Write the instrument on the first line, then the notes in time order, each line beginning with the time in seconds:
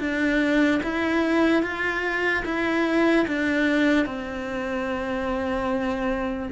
cello
0.00 D4
0.83 E4
1.63 F4
2.45 E4
3.27 D4
4.06 C4